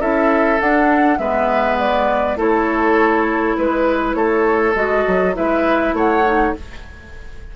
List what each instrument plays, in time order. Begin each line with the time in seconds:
0.00 bassoon C#4, clarinet E4, oboe A4, flute E5
0.59 clarinet D4, bassoon D4, flute F#5
1.18 bassoon G#3, clarinet B3, oboe B4, flute E5
1.79 flute D5
2.37 bassoon A3, clarinet E4, oboe A4, flute C#5
3.57 bassoon G#3, flute B4, oboe B4
4.14 bassoon A3, oboe A4, flute C#5
4.75 bassoon G#3, clarinet F#4, flute D#5
5.07 bassoon F#3
5.34 bassoon G#3, clarinet E4, oboe B4, flute E5
5.93 bassoon A3, oboe C#5, flute F#5
6.25 clarinet D#4